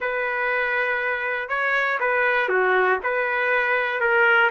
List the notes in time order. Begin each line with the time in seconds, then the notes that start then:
0.00 B4
1.48 C#5
2.00 B4
2.48 F#4
3.03 B4
4.00 A#4